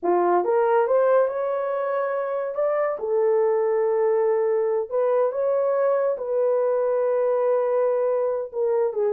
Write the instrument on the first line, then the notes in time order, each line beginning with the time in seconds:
horn
0.03 F4
0.44 A#4
0.87 C5
1.28 C#5
2.55 D5
2.99 A4
4.89 B4
5.32 C#5
6.17 B4
8.52 A#4
8.93 G#4